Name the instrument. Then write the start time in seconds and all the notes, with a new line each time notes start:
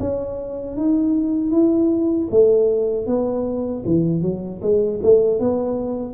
tuba
0.00 C#4
0.77 D#4
1.51 E4
2.31 A3
3.07 B3
3.85 E3
4.22 F#3
4.62 G#3
5.03 A3
5.40 B3